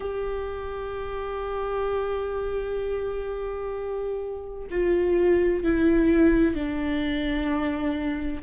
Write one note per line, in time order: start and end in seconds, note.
0.00 4.67 G4
4.70 5.63 F4
5.63 6.55 E4
6.55 8.42 D4